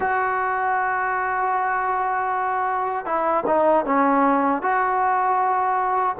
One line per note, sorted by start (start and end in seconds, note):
0.00 3.05 F#4
3.05 3.44 E4
3.46 3.85 D#4
3.85 4.62 C#4
4.62 6.15 F#4